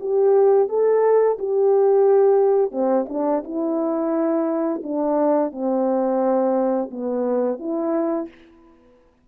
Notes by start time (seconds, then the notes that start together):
0.00 G4
0.69 A4
1.39 G4
2.71 C4
3.09 D4
3.44 E4
4.83 D4
5.52 C4
6.91 B3
7.59 E4